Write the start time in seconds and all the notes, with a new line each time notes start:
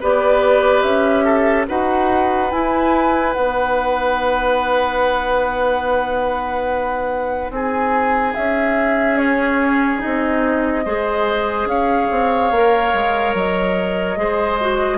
0.00 B3 G4 B4 D5
0.81 C#4 E5
1.24 A4
1.68 D#4 F#4 B4 F#5
2.51 E4 G#5
3.33 B3 D#4 F#5
7.50 C4 G#4 G#5
8.34 C#4 E5
9.16 C#4 C#5
9.98 C4 D#4 D#5
10.85 G#3 G#4 C5
11.65 C#4 C#5 F5
12.11 C4
12.51 A#3 A#4
12.93 G#3
13.34 F#3 D#5
14.16 G#3 G#4 C5
14.60 F#4